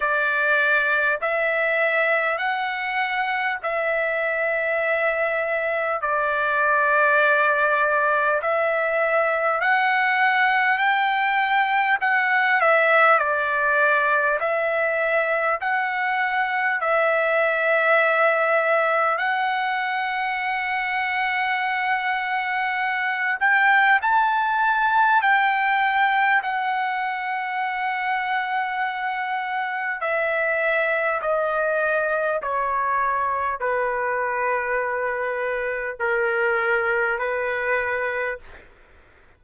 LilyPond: \new Staff \with { instrumentName = "trumpet" } { \time 4/4 \tempo 4 = 50 d''4 e''4 fis''4 e''4~ | e''4 d''2 e''4 | fis''4 g''4 fis''8 e''8 d''4 | e''4 fis''4 e''2 |
fis''2.~ fis''8 g''8 | a''4 g''4 fis''2~ | fis''4 e''4 dis''4 cis''4 | b'2 ais'4 b'4 | }